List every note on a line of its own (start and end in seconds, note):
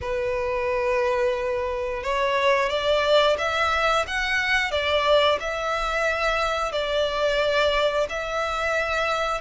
0.01 2.03 B4
2.03 2.69 C#5
2.69 3.36 D5
3.38 4.05 E5
4.07 4.71 F#5
4.71 5.38 D5
5.40 6.72 E5
6.72 8.07 D5
8.09 9.41 E5